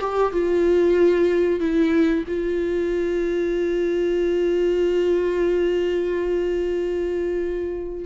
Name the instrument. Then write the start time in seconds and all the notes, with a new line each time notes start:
viola
0.00 G4
0.32 F4
1.60 E4
2.27 F4